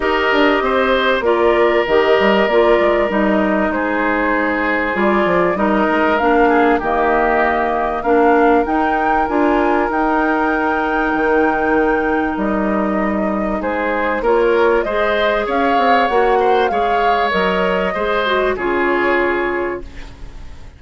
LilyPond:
<<
  \new Staff \with { instrumentName = "flute" } { \time 4/4 \tempo 4 = 97 dis''2 d''4 dis''4 | d''4 dis''4 c''2 | d''4 dis''4 f''4 dis''4~ | dis''4 f''4 g''4 gis''4 |
g''1 | dis''2 c''4 cis''4 | dis''4 f''4 fis''4 f''4 | dis''2 cis''2 | }
  \new Staff \with { instrumentName = "oboe" } { \time 4/4 ais'4 c''4 ais'2~ | ais'2 gis'2~ | gis'4 ais'4. gis'8 g'4~ | g'4 ais'2.~ |
ais'1~ | ais'2 gis'4 ais'4 | c''4 cis''4. c''8 cis''4~ | cis''4 c''4 gis'2 | }
  \new Staff \with { instrumentName = "clarinet" } { \time 4/4 g'2 f'4 g'4 | f'4 dis'2. | f'4 dis'4 d'4 ais4~ | ais4 d'4 dis'4 f'4 |
dis'1~ | dis'2. f'4 | gis'2 fis'4 gis'4 | ais'4 gis'8 fis'8 f'2 | }
  \new Staff \with { instrumentName = "bassoon" } { \time 4/4 dis'8 d'8 c'4 ais4 dis8 g8 | ais8 gis8 g4 gis2 | g8 f8 g8 gis8 ais4 dis4~ | dis4 ais4 dis'4 d'4 |
dis'2 dis2 | g2 gis4 ais4 | gis4 cis'8 c'8 ais4 gis4 | fis4 gis4 cis2 | }
>>